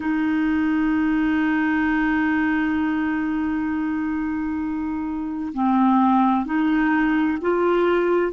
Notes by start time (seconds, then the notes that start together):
0.00 D#4
5.53 C4
6.45 D#4
7.41 F4